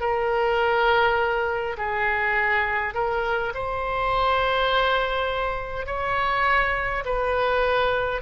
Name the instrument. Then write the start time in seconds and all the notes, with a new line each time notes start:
oboe
0.00 A#4
1.77 G#4
2.94 A#4
3.54 C5
5.86 C#5
7.05 B4